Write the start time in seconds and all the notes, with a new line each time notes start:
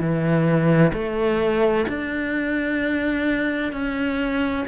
0.00 E3
0.94 A3
1.88 D4
3.73 C#4